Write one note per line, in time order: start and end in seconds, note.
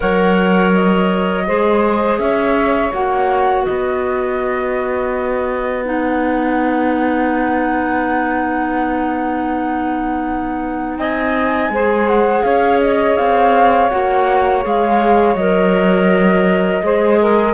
0.00 1.48 F#3
0.00 1.44 A#4
0.00 1.47 C#5
0.00 0.72 F#5
0.73 2.18 D#5
1.46 2.19 G#3
1.46 2.93 G#4
1.46 2.20 C5
2.18 2.92 C#4
2.18 3.64 C#5
2.18 2.91 E5
2.93 3.66 A#3
2.93 5.85 F#4
2.93 3.64 F#5
3.64 10.98 B3
3.64 10.95 B4
3.64 5.84 D#5
5.85 11.70 D#4
5.85 10.98 F#5
10.98 11.69 C4
10.98 11.72 D#5
10.98 12.07 G#5
11.69 12.42 G#3
11.69 13.90 G#4
11.69 12.43 C5
12.07 12.43 F#5
12.43 13.17 C#4
12.43 16.82 C#5
12.43 12.79 F5
12.80 13.16 D#5
13.16 13.91 C4
13.16 13.89 F5
13.89 14.65 A#3
13.89 14.62 F#4
13.89 14.62 F#5
14.62 15.35 G#3
14.62 15.35 G#4
14.62 15.35 F5
15.35 16.81 F#3
15.35 16.83 A#4
15.35 17.54 D#5
16.82 17.54 G#3
16.82 17.54 G#4
16.82 17.20 C5
17.20 17.54 A#4